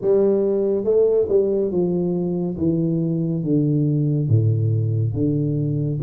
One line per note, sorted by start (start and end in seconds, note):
0.01 0.84 G3
0.84 1.27 A3
1.29 1.71 G3
1.71 2.56 F3
2.57 3.43 E3
3.43 4.29 D3
4.29 5.13 A2
5.13 5.99 D3